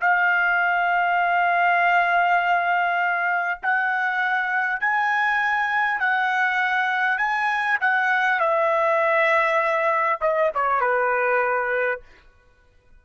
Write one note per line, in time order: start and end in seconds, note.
0.00 3.60 F5
3.62 4.80 F#5
4.80 5.99 G#5
5.99 7.17 F#5
7.17 7.77 G#5
7.81 8.39 F#5
8.39 10.19 E5
10.21 10.51 D#5
10.54 10.80 C#5
10.80 12.00 B4